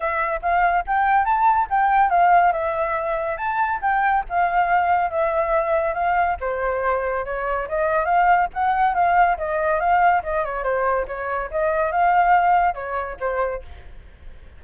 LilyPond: \new Staff \with { instrumentName = "flute" } { \time 4/4 \tempo 4 = 141 e''4 f''4 g''4 a''4 | g''4 f''4 e''2 | a''4 g''4 f''2 | e''2 f''4 c''4~ |
c''4 cis''4 dis''4 f''4 | fis''4 f''4 dis''4 f''4 | dis''8 cis''8 c''4 cis''4 dis''4 | f''2 cis''4 c''4 | }